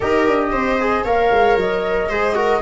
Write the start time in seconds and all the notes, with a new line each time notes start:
0.00 D#4 G4 A#4 D#5
0.27 D4
0.51 C4 C5
0.80 G#4
1.04 A#3 A#4 C#5 F5
1.30 G#3
1.56 F#3 D#5
2.09 G#3 G#4 C5
2.34 F#4 A#4